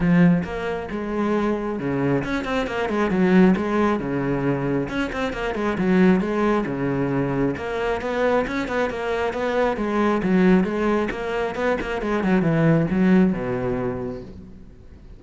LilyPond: \new Staff \with { instrumentName = "cello" } { \time 4/4 \tempo 4 = 135 f4 ais4 gis2 | cis4 cis'8 c'8 ais8 gis8 fis4 | gis4 cis2 cis'8 c'8 | ais8 gis8 fis4 gis4 cis4~ |
cis4 ais4 b4 cis'8 b8 | ais4 b4 gis4 fis4 | gis4 ais4 b8 ais8 gis8 fis8 | e4 fis4 b,2 | }